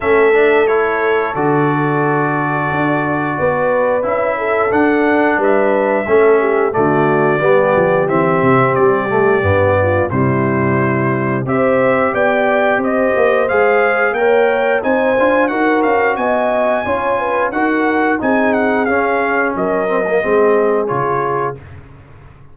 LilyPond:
<<
  \new Staff \with { instrumentName = "trumpet" } { \time 4/4 \tempo 4 = 89 e''4 cis''4 d''2~ | d''2 e''4 fis''4 | e''2 d''2 | e''4 d''2 c''4~ |
c''4 e''4 g''4 dis''4 | f''4 g''4 gis''4 fis''8 f''8 | gis''2 fis''4 gis''8 fis''8 | f''4 dis''2 cis''4 | }
  \new Staff \with { instrumentName = "horn" } { \time 4/4 a'1~ | a'4 b'4. a'4. | b'4 a'8 g'8 fis'4 g'4~ | g'2~ g'8 f'8 e'4~ |
e'4 c''4 d''4 c''4~ | c''4 cis''4 c''4 ais'4 | dis''4 cis''8 b'8 ais'4 gis'4~ | gis'4 ais'4 gis'2 | }
  \new Staff \with { instrumentName = "trombone" } { \time 4/4 cis'8 d'8 e'4 fis'2~ | fis'2 e'4 d'4~ | d'4 cis'4 a4 b4 | c'4. a8 b4 g4~ |
g4 g'2. | gis'4 ais'4 dis'8 f'8 fis'4~ | fis'4 f'4 fis'4 dis'4 | cis'4. c'16 ais16 c'4 f'4 | }
  \new Staff \with { instrumentName = "tuba" } { \time 4/4 a2 d2 | d'4 b4 cis'4 d'4 | g4 a4 d4 g8 f8 | e8 c8 g4 g,4 c4~ |
c4 c'4 b4 c'8 ais8 | gis4 ais4 c'8 d'8 dis'8 cis'8 | b4 cis'4 dis'4 c'4 | cis'4 fis4 gis4 cis4 | }
>>